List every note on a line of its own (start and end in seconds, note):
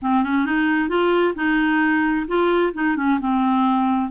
0.02 0.23 C4
0.23 0.45 C#4
0.45 0.88 D#4
0.88 1.34 F4
1.35 2.26 D#4
2.27 2.73 F4
2.73 2.96 D#4
2.96 3.19 C#4
3.19 4.10 C4